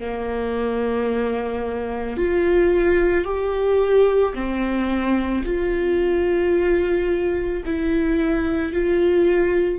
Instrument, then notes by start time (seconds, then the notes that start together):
viola
0.00 A#3
2.17 F4
3.24 G4
4.34 C4
5.44 F4
7.65 E4
8.72 F4